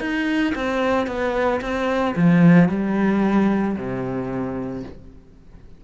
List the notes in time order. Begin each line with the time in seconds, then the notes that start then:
0.00 D#4
0.55 C4
1.07 B3
1.61 C4
2.16 F3
2.69 G3
3.76 C3